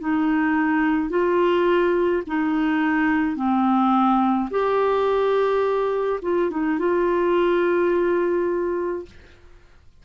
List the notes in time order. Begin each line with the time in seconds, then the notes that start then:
0.00 D#4
1.10 F4
2.27 D#4
3.36 C4
4.50 G4
6.22 F4
6.50 D#4
6.79 F4